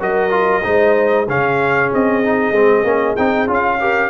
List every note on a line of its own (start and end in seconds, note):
0.00 0.64 F#3
0.00 0.30 F#4
0.00 0.63 A#4
0.00 1.28 D#5
0.30 0.62 F4
0.63 1.28 G#3
0.63 1.26 D#4
0.63 1.27 C5
1.28 1.91 C#3
1.28 2.23 C#4
1.28 3.80 G#4
1.28 1.92 F5
1.92 2.51 C4
1.92 3.16 D#5
2.23 2.54 D#4
2.51 2.83 G#3
2.51 2.84 C4
2.83 3.15 A#3
2.83 3.16 C#4
3.16 3.46 C4
3.16 3.47 D#4
3.16 3.47 G5
3.46 4.09 C#4
3.46 3.79 F4
3.52 4.09 F5
3.80 4.09 G4
3.80 4.09 A#4